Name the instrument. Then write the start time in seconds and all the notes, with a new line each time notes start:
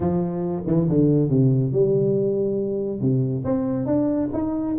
tuba
0.00 F3
0.66 E3
0.88 D3
1.29 C3
1.72 G3
3.00 C3
3.44 C4
3.86 D4
4.32 D#4